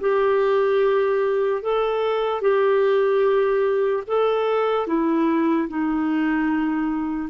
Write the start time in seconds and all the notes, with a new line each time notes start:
0.00 G4
1.62 A4
2.41 G4
4.07 A4
4.87 E4
5.68 D#4